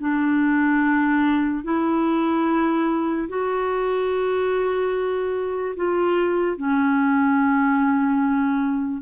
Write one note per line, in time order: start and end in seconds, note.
0.00 1.64 D4
1.64 3.28 E4
3.29 5.75 F#4
5.76 6.57 F4
6.57 9.02 C#4